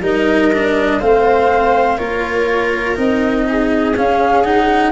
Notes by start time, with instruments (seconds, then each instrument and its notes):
0.00 tuba G3, cello D#4, viola A#4, flute D#5
0.52 cello D4
0.99 tuba A3, cello C4, viola C5, flute F5
1.97 tuba A#3, cello F4, viola A#4, flute C#5
2.95 tuba C4, cello D#4, flute D#5
3.47 viola G#4
3.96 cello C#4, tuba C#4, flute F5
4.43 cello D#4, flute F#5